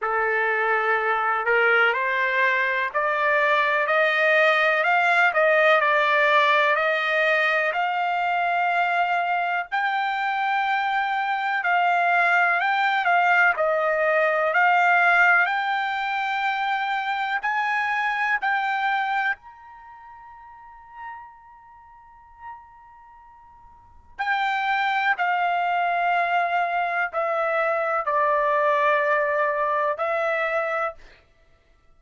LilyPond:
\new Staff \with { instrumentName = "trumpet" } { \time 4/4 \tempo 4 = 62 a'4. ais'8 c''4 d''4 | dis''4 f''8 dis''8 d''4 dis''4 | f''2 g''2 | f''4 g''8 f''8 dis''4 f''4 |
g''2 gis''4 g''4 | ais''1~ | ais''4 g''4 f''2 | e''4 d''2 e''4 | }